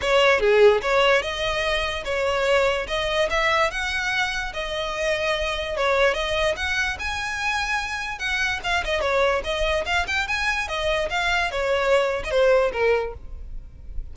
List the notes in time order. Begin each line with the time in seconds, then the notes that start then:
0.01 C#5
0.40 G#4
0.81 C#5
1.22 D#5
2.04 C#5
2.87 D#5
3.30 E5
3.70 F#5
4.53 D#5
5.76 C#5
6.13 D#5
6.56 F#5
6.99 G#5
8.19 F#5
8.63 F5
8.85 D#5
9.00 C#5
9.44 D#5
9.85 F5
10.07 G5
10.27 G#5
10.68 D#5
11.10 F5
11.51 C#5
12.24 D#5
12.30 C5
12.72 A#4